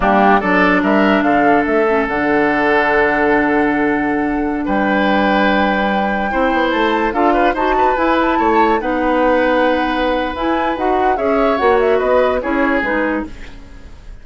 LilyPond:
<<
  \new Staff \with { instrumentName = "flute" } { \time 4/4 \tempo 4 = 145 g'4 d''4 e''4 f''4 | e''4 fis''2.~ | fis''2.~ fis''16 g''8.~ | g''1~ |
g''16 a''4 f''4 a''4 gis''8 a''16~ | a''4~ a''16 fis''2~ fis''8.~ | fis''4 gis''4 fis''4 e''4 | fis''8 e''8 dis''4 cis''4 b'4 | }
  \new Staff \with { instrumentName = "oboe" } { \time 4/4 d'4 a'4 ais'4 a'4~ | a'1~ | a'2.~ a'16 b'8.~ | b'2.~ b'16 c''8.~ |
c''4~ c''16 a'8 b'8 c''8 b'4~ b'16~ | b'16 cis''4 b'2~ b'8.~ | b'2. cis''4~ | cis''4 b'4 gis'2 | }
  \new Staff \with { instrumentName = "clarinet" } { \time 4/4 ais4 d'2.~ | d'8 cis'8 d'2.~ | d'1~ | d'2.~ d'16 e'8.~ |
e'4~ e'16 f'4 fis'4 e'8.~ | e'4~ e'16 dis'2~ dis'8.~ | dis'4 e'4 fis'4 gis'4 | fis'2 e'4 dis'4 | }
  \new Staff \with { instrumentName = "bassoon" } { \time 4/4 g4 fis4 g4 d4 | a4 d2.~ | d2.~ d16 g8.~ | g2.~ g16 c'8 b16~ |
b16 a4 d'4 dis'4 e'8.~ | e'16 a4 b2~ b8.~ | b4 e'4 dis'4 cis'4 | ais4 b4 cis'4 gis4 | }
>>